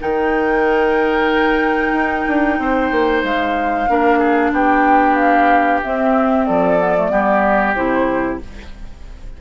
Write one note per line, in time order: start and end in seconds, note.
0.00 1.92 D#3
0.00 3.87 D#4
0.00 2.59 A#4
0.00 3.23 G5
1.92 2.25 D#4
2.28 2.59 D4
2.59 2.91 C4
2.59 3.90 C5
2.91 3.23 A#3
3.23 3.88 G#3
3.23 4.53 F5
3.89 4.52 A#3
3.89 5.83 D4
3.89 4.19 A#4
4.19 4.51 G#4
4.52 5.81 B3
4.52 6.47 G4
4.52 5.15 G5
5.15 5.80 F5
5.83 6.79 C4
5.83 6.49 C4
5.83 6.45 E5
6.45 7.11 F3
6.45 7.12 A4
6.45 7.74 D5
6.79 6.95 B3
6.96 7.10 A3
7.10 7.76 G3
7.10 7.75 B3
7.10 8.41 G4
7.74 8.41 C3
7.74 8.40 E4
7.74 8.39 C5